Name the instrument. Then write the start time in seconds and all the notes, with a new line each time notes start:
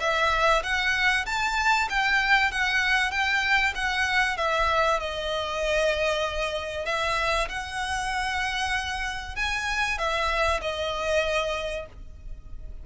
violin
0.00 E5
0.63 F#5
1.26 A5
1.89 G5
2.52 F#5
3.11 G5
3.75 F#5
4.37 E5
5.00 D#5
6.86 E5
7.49 F#5
9.36 G#5
9.98 E5
10.61 D#5